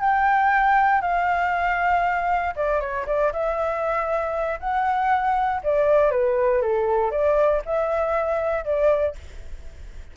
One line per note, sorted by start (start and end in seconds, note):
0.00 1.01 G5
1.01 2.54 F5
2.56 2.80 D5
2.80 3.06 C#5
3.06 3.32 D5
3.32 4.59 E5
4.59 5.61 F#5
5.63 6.11 D5
6.11 6.61 B4
6.61 7.11 A4
7.11 7.62 D5
7.65 8.64 E5
8.64 9.15 D5